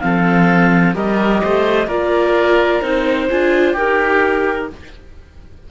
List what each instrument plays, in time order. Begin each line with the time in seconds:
0.00 cello F3, viola C4, oboe A4, clarinet F5
0.93 cello G3, viola G4, oboe A#4, clarinet D#5
1.43 cello A3, oboe C5
1.87 cello A#3, viola F4, oboe A#4, clarinet D5
2.82 cello C4, viola D#4, clarinet C5
3.30 cello D4, viola F4, oboe G#4
3.72 cello D#4, oboe G4, viola G4, clarinet A#4